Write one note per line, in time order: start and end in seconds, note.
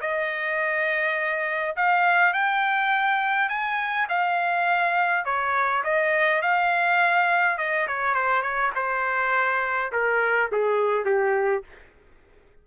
0.00 1.75 D#5
1.76 2.33 F5
2.33 3.48 G5
3.48 4.07 G#5
4.09 5.25 F5
5.25 5.83 C#5
5.84 6.42 D#5
6.42 7.58 F5
7.58 7.87 D#5
7.87 8.14 C#5
8.14 8.42 C5
8.42 8.71 C#5
8.75 9.91 C5
9.92 10.50 A#4
10.51 11.05 G#4
11.05 11.63 G4